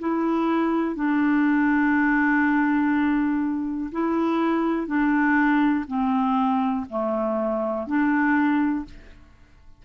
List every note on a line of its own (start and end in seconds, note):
0.00 0.96 E4
0.96 3.91 D4
3.93 4.87 E4
4.87 5.86 D4
5.88 6.86 C4
6.90 7.87 A3
7.87 8.86 D4